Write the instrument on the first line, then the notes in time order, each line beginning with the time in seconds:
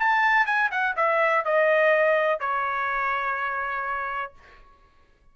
trumpet
0.00 A5
0.46 G#5
0.72 F#5
0.97 E5
1.45 D#5
2.40 C#5